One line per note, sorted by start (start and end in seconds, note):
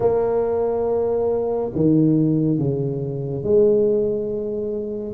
0.00 1.71 A#3
1.75 2.58 D#3
2.58 3.43 C#3
3.43 5.14 G#3